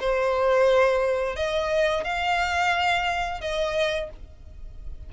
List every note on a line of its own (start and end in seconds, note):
0.00 1.36 C5
1.36 2.04 D#5
2.04 3.41 F5
3.41 4.10 D#5